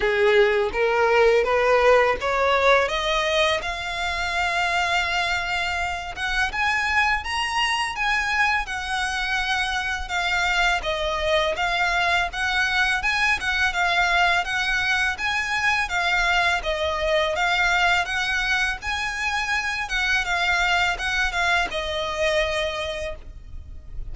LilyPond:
\new Staff \with { instrumentName = "violin" } { \time 4/4 \tempo 4 = 83 gis'4 ais'4 b'4 cis''4 | dis''4 f''2.~ | f''8 fis''8 gis''4 ais''4 gis''4 | fis''2 f''4 dis''4 |
f''4 fis''4 gis''8 fis''8 f''4 | fis''4 gis''4 f''4 dis''4 | f''4 fis''4 gis''4. fis''8 | f''4 fis''8 f''8 dis''2 | }